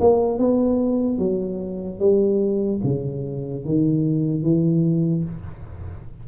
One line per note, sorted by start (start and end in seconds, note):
0.00 0.38 A#3
0.38 1.18 B3
1.18 1.99 F#3
1.99 2.80 G3
2.83 3.64 C#3
3.65 4.43 D#3
4.43 5.24 E3